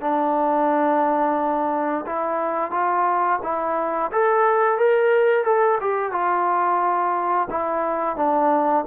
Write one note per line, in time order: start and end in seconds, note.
0.00 2.05 D4
2.06 2.71 E4
2.71 3.39 F4
3.42 4.11 E4
4.12 4.78 A4
4.78 5.44 A#4
5.44 5.78 A4
5.80 6.11 G4
6.11 7.48 F4
7.50 8.16 E4
8.16 8.84 D4